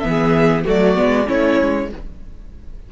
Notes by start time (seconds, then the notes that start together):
0.00 E3 B3 E5
0.08 G#4
0.65 F#3 A3 F#4 D5
0.95 G#3 B3
1.26 A3 C#4 E4 C#5
1.61 G#3